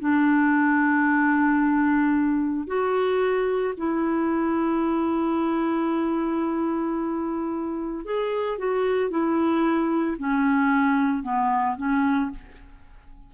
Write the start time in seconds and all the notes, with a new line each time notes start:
0.00 D4
2.68 F#4
3.77 E4
8.06 G#4
8.59 F#4
9.10 E4
10.19 C#4
11.24 B3
11.77 C#4